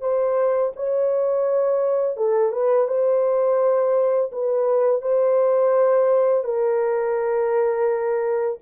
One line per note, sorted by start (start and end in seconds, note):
0.00 0.71 C5
0.76 2.17 C#5
2.17 2.52 A4
2.52 2.87 B4
2.87 4.30 C5
4.31 5.01 B4
5.01 6.44 C5
6.44 8.58 A#4